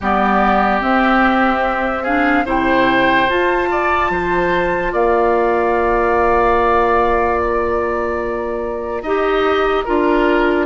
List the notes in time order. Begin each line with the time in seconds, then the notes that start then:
0.01 G3 B3 G4 D5
0.80 C4 E5
2.03 D4 G#4 F5
2.45 C3 E4 C5 G5
3.27 F4 A5
3.71 D5
4.10 F3 C5
4.92 A#3 D5 F5
7.40 A#5
9.03 D#4 G4 D#5
9.85 D4 F4 A#4